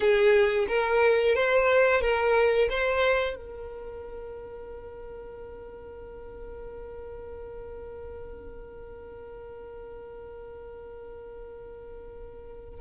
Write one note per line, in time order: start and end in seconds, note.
0.00 0.66 G#4
0.67 1.35 A#4
1.35 2.01 C5
2.01 2.68 A#4
2.69 3.36 C5
3.36 12.79 A#4